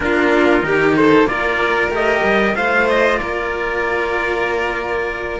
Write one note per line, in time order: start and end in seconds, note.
0.00 0.62 A#3
0.00 0.61 D4
0.00 0.65 F4
0.00 0.94 A#4
0.61 1.24 D#3
0.61 1.24 D#4
0.61 0.97 G4
0.96 1.28 A4
0.96 1.27 C5
1.24 1.88 A#3
1.24 1.91 F4
1.24 2.55 A#4
1.24 1.91 D5
1.89 2.21 A3
1.89 2.55 G4
1.89 2.55 D#5
2.23 2.55 G3
2.55 3.20 A3
2.55 5.40 F4
2.55 3.19 C5
2.55 2.87 F5
2.88 3.18 D#5
3.18 5.40 A#3
3.18 5.40 A#4
3.18 5.40 D5